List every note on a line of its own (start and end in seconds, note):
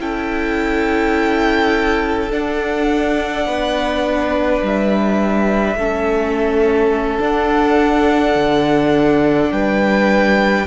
0.00 2.31 C#4
0.00 2.31 E4
0.00 3.48 A4
0.00 2.32 G5
2.31 5.77 D4
2.31 3.46 D4
2.31 4.63 F#5
3.46 4.62 B3
3.46 5.78 B4
4.62 5.75 G3
4.62 7.22 E5
5.75 7.19 A3
5.75 7.20 C#4
5.75 9.53 A4
7.20 10.67 D4
7.20 8.36 D4
7.20 9.53 F#5
8.36 9.51 D3
9.53 10.68 G3
9.53 10.68 B4
9.53 10.68 G5